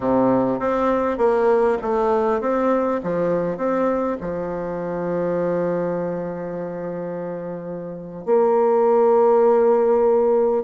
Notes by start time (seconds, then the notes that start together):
0.00 C3
0.59 C4
1.17 A#3
1.81 A3
2.40 C4
3.03 F3
3.57 C4
4.20 F3
8.25 A#3